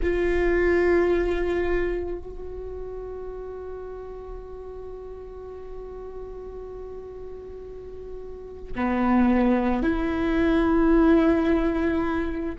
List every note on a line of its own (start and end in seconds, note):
0.02 2.18 F4
2.18 8.73 F#4
8.75 9.82 B3
9.82 12.55 E4